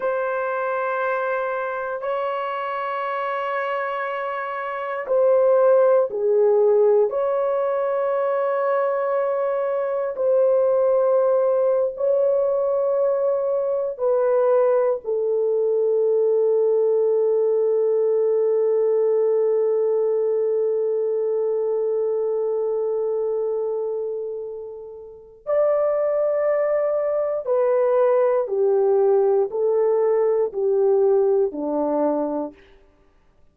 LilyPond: \new Staff \with { instrumentName = "horn" } { \time 4/4 \tempo 4 = 59 c''2 cis''2~ | cis''4 c''4 gis'4 cis''4~ | cis''2 c''4.~ c''16 cis''16~ | cis''4.~ cis''16 b'4 a'4~ a'16~ |
a'1~ | a'1~ | a'4 d''2 b'4 | g'4 a'4 g'4 d'4 | }